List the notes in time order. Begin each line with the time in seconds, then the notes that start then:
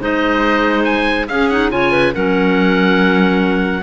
0.00 G#3 D#4 C5 D#5
0.84 G#5
1.28 C#4 G#4 F5
1.49 D#4 F#5
1.71 C#3 F4 C#5 G#5
1.92 B4
2.15 F#3 C#4 A#4 F#5